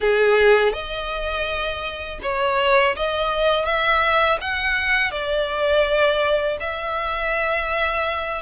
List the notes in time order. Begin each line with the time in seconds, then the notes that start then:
0.00 G#4
0.73 D#5
2.22 C#5
2.96 D#5
3.65 E5
4.40 F#5
5.11 D5
6.60 E5